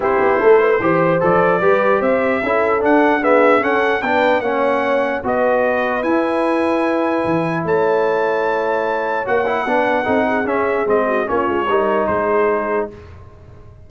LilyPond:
<<
  \new Staff \with { instrumentName = "trumpet" } { \time 4/4 \tempo 4 = 149 c''2. d''4~ | d''4 e''2 fis''4 | e''4 fis''4 g''4 fis''4~ | fis''4 dis''2 gis''4~ |
gis''2. a''4~ | a''2. fis''4~ | fis''2 e''4 dis''4 | cis''2 c''2 | }
  \new Staff \with { instrumentName = "horn" } { \time 4/4 g'4 a'8 b'8 c''2 | b'4 c''4 a'2 | gis'4 a'4 b'4 cis''4~ | cis''4 b'2.~ |
b'2. cis''4~ | cis''1 | b'4 a'8 gis'2 fis'8 | f'4 ais'4 gis'2 | }
  \new Staff \with { instrumentName = "trombone" } { \time 4/4 e'2 g'4 a'4 | g'2 e'4 d'4 | b4 cis'4 d'4 cis'4~ | cis'4 fis'2 e'4~ |
e'1~ | e'2. fis'8 e'8 | d'4 dis'4 cis'4 c'4 | cis'4 dis'2. | }
  \new Staff \with { instrumentName = "tuba" } { \time 4/4 c'8 b8 a4 e4 f4 | g4 c'4 cis'4 d'4~ | d'4 cis'4 b4 ais4~ | ais4 b2 e'4~ |
e'2 e4 a4~ | a2. ais4 | b4 c'4 cis'4 gis4 | ais8 gis8 g4 gis2 | }
>>